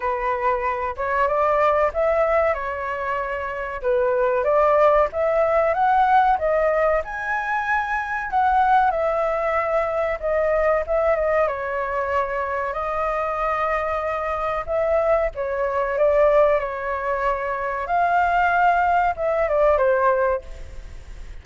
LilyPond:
\new Staff \with { instrumentName = "flute" } { \time 4/4 \tempo 4 = 94 b'4. cis''8 d''4 e''4 | cis''2 b'4 d''4 | e''4 fis''4 dis''4 gis''4~ | gis''4 fis''4 e''2 |
dis''4 e''8 dis''8 cis''2 | dis''2. e''4 | cis''4 d''4 cis''2 | f''2 e''8 d''8 c''4 | }